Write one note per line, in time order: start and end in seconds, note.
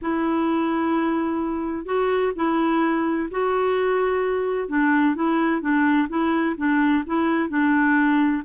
0.01 1.85 E4
1.85 2.32 F#4
2.35 3.29 E4
3.30 4.68 F#4
4.68 5.15 D4
5.15 5.61 E4
5.61 6.08 D4
6.08 6.55 E4
6.57 7.04 D4
7.06 7.49 E4
7.49 8.42 D4